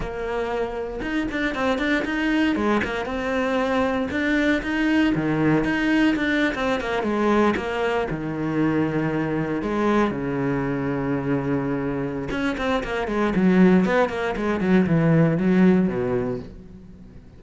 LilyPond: \new Staff \with { instrumentName = "cello" } { \time 4/4 \tempo 4 = 117 ais2 dis'8 d'8 c'8 d'8 | dis'4 gis8 ais8 c'2 | d'4 dis'4 dis4 dis'4 | d'8. c'8 ais8 gis4 ais4 dis16~ |
dis2~ dis8. gis4 cis16~ | cis1 | cis'8 c'8 ais8 gis8 fis4 b8 ais8 | gis8 fis8 e4 fis4 b,4 | }